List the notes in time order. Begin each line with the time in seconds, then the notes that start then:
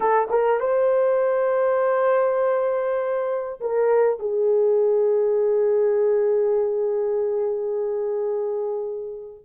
0.00 A4
0.30 A#4
0.60 C5
3.60 A#4
4.19 G#4